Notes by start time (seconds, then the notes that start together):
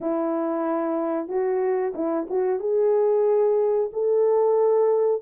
0.01 E4
1.27 F#4
1.94 E4
2.29 F#4
2.59 G#4
3.92 A4